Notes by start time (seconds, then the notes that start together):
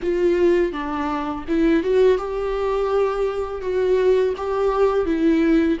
0.02 F4
0.72 D4
1.48 E4
1.83 F#4
2.18 G4
3.61 F#4
4.36 G4
5.05 E4